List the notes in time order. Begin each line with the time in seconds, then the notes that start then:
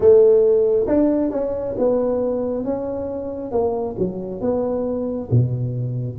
0.00 A3
0.87 D4
1.30 C#4
1.78 B3
2.64 C#4
3.51 A#3
3.98 F#3
4.40 B3
5.30 B2